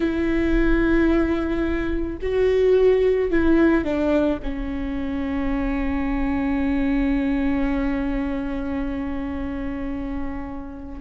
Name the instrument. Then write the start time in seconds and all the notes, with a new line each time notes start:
viola
0.00 E4
2.21 F#4
3.30 E4
3.84 D4
4.42 C#4